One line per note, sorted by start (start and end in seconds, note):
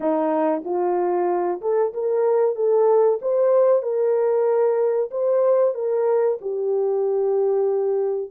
0.00 0.63 D#4
0.64 1.60 F4
1.61 1.93 A4
1.93 2.55 A#4
2.55 3.19 A4
3.21 3.82 C5
3.82 5.09 A#4
5.10 5.74 C5
5.74 6.38 A#4
6.41 8.30 G4